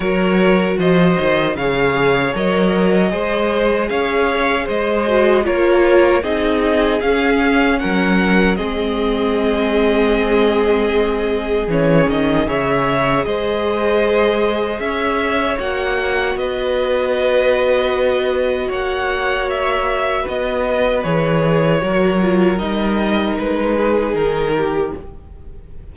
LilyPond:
<<
  \new Staff \with { instrumentName = "violin" } { \time 4/4 \tempo 4 = 77 cis''4 dis''4 f''4 dis''4~ | dis''4 f''4 dis''4 cis''4 | dis''4 f''4 fis''4 dis''4~ | dis''2. cis''8 dis''8 |
e''4 dis''2 e''4 | fis''4 dis''2. | fis''4 e''4 dis''4 cis''4~ | cis''4 dis''4 b'4 ais'4 | }
  \new Staff \with { instrumentName = "violin" } { \time 4/4 ais'4 c''4 cis''2 | c''4 cis''4 c''4 ais'4 | gis'2 ais'4 gis'4~ | gis'1 |
cis''4 c''2 cis''4~ | cis''4 b'2. | cis''2 b'2 | ais'2~ ais'8 gis'4 g'8 | }
  \new Staff \with { instrumentName = "viola" } { \time 4/4 fis'2 gis'4 ais'4 | gis'2~ gis'8 fis'8 f'4 | dis'4 cis'2 c'4~ | c'2. cis'4 |
gis'1 | fis'1~ | fis'2. gis'4 | fis'8 f'8 dis'2. | }
  \new Staff \with { instrumentName = "cello" } { \time 4/4 fis4 f8 dis8 cis4 fis4 | gis4 cis'4 gis4 ais4 | c'4 cis'4 fis4 gis4~ | gis2. e8 dis8 |
cis4 gis2 cis'4 | ais4 b2. | ais2 b4 e4 | fis4 g4 gis4 dis4 | }
>>